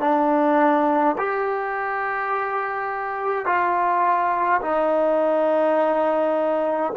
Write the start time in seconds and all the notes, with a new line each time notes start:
0.00 D4
1.18 G4
3.46 F4
4.62 D#4